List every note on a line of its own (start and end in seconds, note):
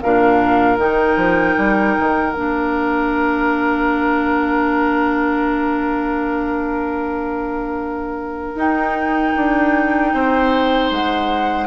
0.00 0.78 A#2
0.00 0.78 D4
0.00 10.13 A#4
0.00 0.78 F5
0.78 1.16 D#3
0.78 2.34 D#4
0.78 2.32 G5
1.16 1.55 F3
1.57 1.96 G3
1.99 2.33 D#3
2.32 8.55 A#3
2.32 8.56 D4
2.32 8.56 F5
8.55 9.33 D#4
8.55 11.67 D#4
8.55 10.92 G5
9.36 10.13 D4
10.13 10.90 C4
10.13 11.67 C5
10.90 11.67 G#3
10.90 11.67 F#5